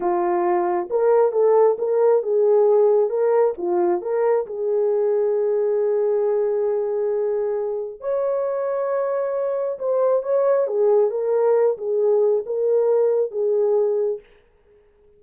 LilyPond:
\new Staff \with { instrumentName = "horn" } { \time 4/4 \tempo 4 = 135 f'2 ais'4 a'4 | ais'4 gis'2 ais'4 | f'4 ais'4 gis'2~ | gis'1~ |
gis'2 cis''2~ | cis''2 c''4 cis''4 | gis'4 ais'4. gis'4. | ais'2 gis'2 | }